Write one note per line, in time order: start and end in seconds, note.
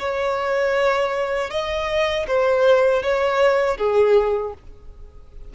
0.00 1.51 C#5
1.51 2.27 D#5
2.28 3.03 C5
3.03 3.78 C#5
3.78 4.54 G#4